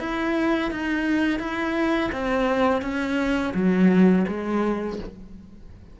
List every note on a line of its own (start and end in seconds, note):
0.00 0.71 E4
0.71 1.40 D#4
1.40 2.11 E4
2.12 2.82 C4
2.82 3.53 C#4
3.54 4.26 F#3
4.28 4.99 G#3